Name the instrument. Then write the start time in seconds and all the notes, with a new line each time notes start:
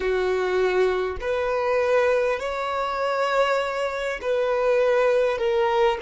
violin
0.00 F#4
1.20 B4
2.39 C#5
4.21 B4
5.37 A#4